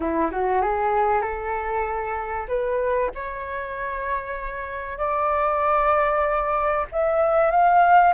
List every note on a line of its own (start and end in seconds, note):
0.00 0.30 E4
0.31 0.61 F#4
0.61 1.21 G#4
1.21 2.46 A4
2.48 3.10 B4
3.14 4.98 C#5
4.98 6.85 D5
6.91 7.51 E5
7.51 8.13 F5